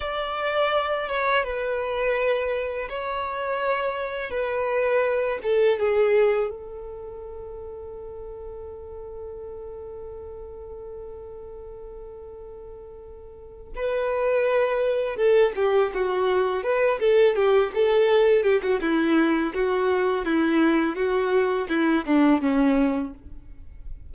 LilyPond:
\new Staff \with { instrumentName = "violin" } { \time 4/4 \tempo 4 = 83 d''4. cis''8 b'2 | cis''2 b'4. a'8 | gis'4 a'2.~ | a'1~ |
a'2. b'4~ | b'4 a'8 g'8 fis'4 b'8 a'8 | g'8 a'4 g'16 fis'16 e'4 fis'4 | e'4 fis'4 e'8 d'8 cis'4 | }